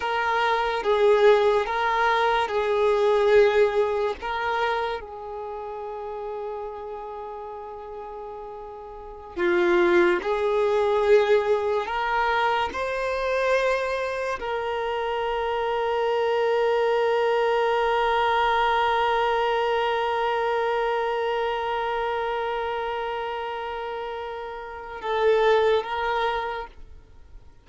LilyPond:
\new Staff \with { instrumentName = "violin" } { \time 4/4 \tempo 4 = 72 ais'4 gis'4 ais'4 gis'4~ | gis'4 ais'4 gis'2~ | gis'2.~ gis'16 f'8.~ | f'16 gis'2 ais'4 c''8.~ |
c''4~ c''16 ais'2~ ais'8.~ | ais'1~ | ais'1~ | ais'2 a'4 ais'4 | }